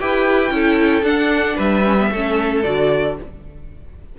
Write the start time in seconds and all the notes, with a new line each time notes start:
0.00 E4 G4 B4 G5
0.50 C#4 E4 A4
1.03 D4 F#5
1.56 G3 B4 E5
1.85 C#4
1.99 B3
2.11 A3 C#4 A4
2.63 D3 F#4 D5